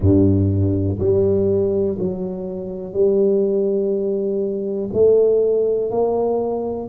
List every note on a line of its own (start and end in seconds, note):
0.00 0.98 G2
0.99 1.97 G3
1.99 2.92 F#3
2.92 4.89 G3
4.93 5.90 A3
5.90 6.89 A#3